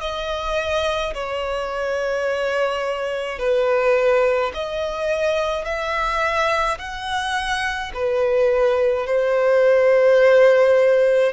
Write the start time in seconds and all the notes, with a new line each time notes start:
0.00 D#5
1.13 C#5
3.38 B4
4.53 D#5
5.64 E5
6.78 F#5
7.93 B4
9.06 C5